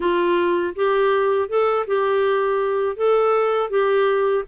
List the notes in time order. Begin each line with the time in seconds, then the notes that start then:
0.00 F4
0.75 G4
1.48 A4
1.86 G4
2.96 A4
3.70 G4